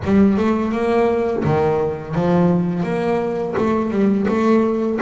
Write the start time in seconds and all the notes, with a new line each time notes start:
0.04 G3
0.37 A3
0.71 A#3
1.44 D#3
2.14 F3
2.83 A#3
3.57 A3
3.90 G3
4.28 A3